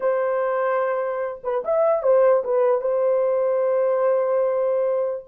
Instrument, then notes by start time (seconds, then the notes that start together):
horn
0.00 C5
1.43 B4
1.64 E5
2.02 C5
2.44 B4
2.81 C5